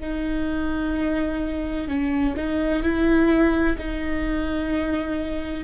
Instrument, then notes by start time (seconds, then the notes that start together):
viola
0.00 D#4
1.87 C#4
2.36 D#4
2.83 E4
3.78 D#4